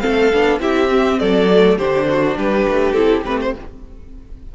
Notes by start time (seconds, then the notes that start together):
0.00 C4 A4 F5
0.06 A3
0.33 B3 D4
0.60 C4 E4 G4 E5
0.88 C4
1.19 F#3 A4 D5
1.54 A3
1.77 D3 D4 G4 C5
2.10 F#4
2.37 G3 G4 B4
2.68 A3
2.93 C4 E4 A4
3.25 A3 C4 B4
3.41 C5